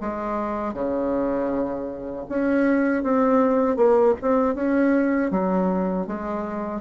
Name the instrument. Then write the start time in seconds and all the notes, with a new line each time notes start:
bassoon
0.00 G#3
0.73 C#3
2.29 C#4
3.03 C4
3.76 A#3
4.21 C4
4.54 C#4
5.30 F#3
6.07 G#3